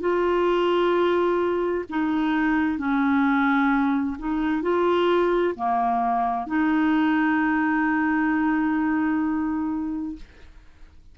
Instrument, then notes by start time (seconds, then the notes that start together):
clarinet
0.00 F4
1.89 D#4
2.78 C#4
4.18 D#4
4.62 F4
5.55 A#3
6.47 D#4